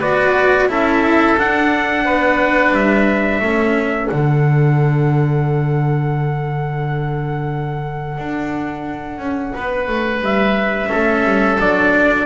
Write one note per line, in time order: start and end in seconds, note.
0.00 0.68 B3
0.00 0.69 F#4
0.00 0.68 B4
0.00 0.70 D5
0.68 1.36 C#4
0.68 1.37 E4
0.68 2.05 A4
0.68 1.39 E5
1.38 3.42 D4
1.38 2.05 D4
1.38 2.75 F#5
2.05 2.71 B3
2.05 3.42 B4
2.71 3.40 G3
2.71 4.09 E5
3.40 4.09 A3
3.40 4.11 C#4
3.40 9.54 A4
4.09 8.18 D3
4.09 10.90 D4
4.09 10.22 F#5
8.18 9.18 D4
9.18 9.53 C#4
9.54 9.88 B3
9.54 10.90 B4
9.88 10.21 A3
10.21 10.89 G3
10.21 11.60 E5
10.90 11.24 A3
10.90 11.58 C#4
10.90 12.26 A4
11.24 11.58 G3
11.60 12.27 F#3
11.60 12.27 D4
11.60 12.27 D5